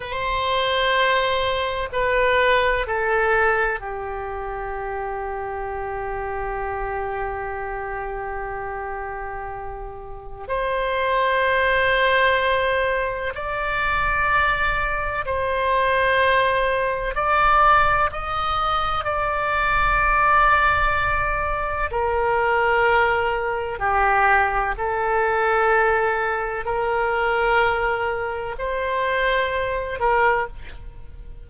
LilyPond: \new Staff \with { instrumentName = "oboe" } { \time 4/4 \tempo 4 = 63 c''2 b'4 a'4 | g'1~ | g'2. c''4~ | c''2 d''2 |
c''2 d''4 dis''4 | d''2. ais'4~ | ais'4 g'4 a'2 | ais'2 c''4. ais'8 | }